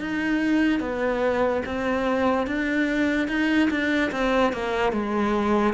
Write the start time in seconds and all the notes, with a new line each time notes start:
0.00 D#4
0.80 B3
1.66 C4
2.47 D4
3.28 D#4
3.70 D4
4.11 C4
4.53 A#3
4.92 G#3